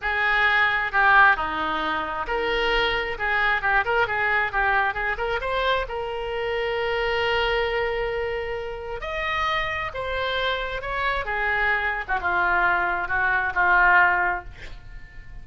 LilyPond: \new Staff \with { instrumentName = "oboe" } { \time 4/4 \tempo 4 = 133 gis'2 g'4 dis'4~ | dis'4 ais'2 gis'4 | g'8 ais'8 gis'4 g'4 gis'8 ais'8 | c''4 ais'2.~ |
ais'1 | dis''2 c''2 | cis''4 gis'4.~ gis'16 fis'16 f'4~ | f'4 fis'4 f'2 | }